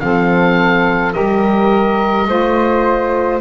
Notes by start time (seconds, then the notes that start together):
0.00 F3 C4 A4 F5
1.13 G3 G4 A#4 D#5
2.27 A3 F4 C5